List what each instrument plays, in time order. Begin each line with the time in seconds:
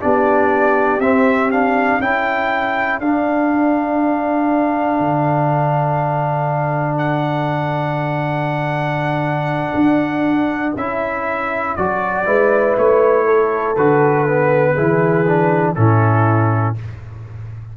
0.00 tuba B3, trombone D4, horn G4, trumpet D5
0.99 tuba C4, trombone C4, trumpet E5
1.51 trombone D4, trumpet F5
2.00 tuba C#4, trombone E4, horn A4, trumpet G5
3.00 tuba D4, trombone D4, trumpet F5
5.00 tuba D3
6.98 trumpet F#5
9.75 tuba D4
10.76 tuba C#4, trombone E4, trumpet E5
11.76 tuba F#3, trombone F#4, trumpet D5
12.26 tuba G#3, trombone E4, horn B4
12.78 tuba A3, trumpet C#5
13.25 horn A4
13.76 tuba D3, trombone F#4, trumpet B4
14.28 trombone B3
14.74 tuba E3, trombone E4, horn G#4
15.27 trombone D4
15.75 tuba A2, trombone C#4, horn E4, trumpet A4